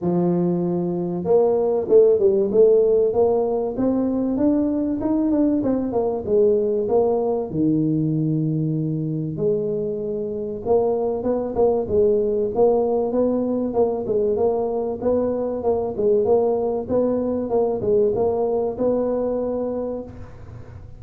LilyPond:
\new Staff \with { instrumentName = "tuba" } { \time 4/4 \tempo 4 = 96 f2 ais4 a8 g8 | a4 ais4 c'4 d'4 | dis'8 d'8 c'8 ais8 gis4 ais4 | dis2. gis4~ |
gis4 ais4 b8 ais8 gis4 | ais4 b4 ais8 gis8 ais4 | b4 ais8 gis8 ais4 b4 | ais8 gis8 ais4 b2 | }